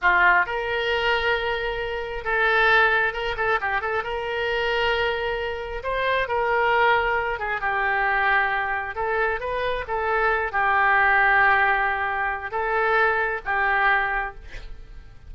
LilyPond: \new Staff \with { instrumentName = "oboe" } { \time 4/4 \tempo 4 = 134 f'4 ais'2.~ | ais'4 a'2 ais'8 a'8 | g'8 a'8 ais'2.~ | ais'4 c''4 ais'2~ |
ais'8 gis'8 g'2. | a'4 b'4 a'4. g'8~ | g'1 | a'2 g'2 | }